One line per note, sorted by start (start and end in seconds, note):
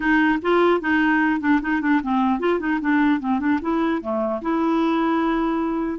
0.00 0.39 D#4
0.41 0.80 F4
0.80 1.40 D#4
1.40 1.60 D4
1.61 1.81 D#4
1.81 2.01 D4
2.02 2.39 C4
2.39 2.59 F4
2.59 2.79 D#4
2.81 3.20 D4
3.20 3.39 C4
3.39 3.59 D4
3.61 4.01 E4
4.01 4.41 A3
4.41 5.99 E4